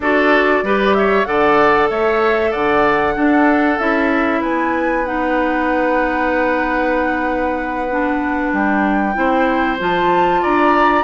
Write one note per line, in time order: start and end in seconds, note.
0.00 0.62 D4
0.00 0.65 F#4
0.00 0.64 A4
0.00 0.93 D5
0.62 1.25 G3
0.62 1.25 G4
0.62 0.96 B4
0.93 1.27 C#5
0.93 1.24 E5
1.24 1.90 D3
1.24 3.14 A4
1.24 1.90 D5
1.24 1.87 F#5
1.89 2.53 A3
1.89 2.50 C#5
1.89 2.52 E5
2.50 3.16 D3
2.50 3.14 D5
2.50 3.78 F#5
3.15 3.78 D4
3.15 4.40 A4
3.78 4.42 C#4
3.78 5.05 E4
3.78 4.41 E5
4.40 8.52 B3
4.40 9.14 B4
4.40 5.05 G#5
5.05 7.89 D#4
5.05 8.52 F#5
7.90 9.14 D4
8.52 9.15 G3
8.52 9.79 G5
9.14 9.79 C4
9.14 9.77 E4
9.14 10.42 C5
9.79 10.43 F3
9.79 11.04 F4
9.79 10.43 A5
10.42 11.04 D4
10.42 11.04 D5
10.42 11.04 A#5